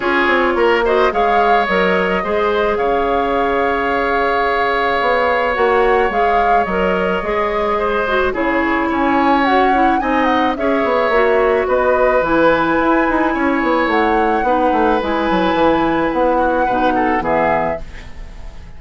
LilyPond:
<<
  \new Staff \with { instrumentName = "flute" } { \time 4/4 \tempo 4 = 108 cis''4. dis''8 f''4 dis''4~ | dis''4 f''2.~ | f''2 fis''4 f''4 | dis''2. cis''4 |
gis''4 fis''4 gis''8 fis''8 e''4~ | e''4 dis''4 gis''2~ | gis''4 fis''2 gis''4~ | gis''4 fis''2 e''4 | }
  \new Staff \with { instrumentName = "oboe" } { \time 4/4 gis'4 ais'8 c''8 cis''2 | c''4 cis''2.~ | cis''1~ | cis''2 c''4 gis'4 |
cis''2 dis''4 cis''4~ | cis''4 b'2. | cis''2 b'2~ | b'4. fis'8 b'8 a'8 gis'4 | }
  \new Staff \with { instrumentName = "clarinet" } { \time 4/4 f'4. fis'8 gis'4 ais'4 | gis'1~ | gis'2 fis'4 gis'4 | ais'4 gis'4. fis'8 e'4~ |
e'4 fis'8 e'8 dis'4 gis'4 | fis'2 e'2~ | e'2 dis'4 e'4~ | e'2 dis'4 b4 | }
  \new Staff \with { instrumentName = "bassoon" } { \time 4/4 cis'8 c'8 ais4 gis4 fis4 | gis4 cis2.~ | cis4 b4 ais4 gis4 | fis4 gis2 cis4 |
cis'2 c'4 cis'8 b8 | ais4 b4 e4 e'8 dis'8 | cis'8 b8 a4 b8 a8 gis8 fis8 | e4 b4 b,4 e4 | }
>>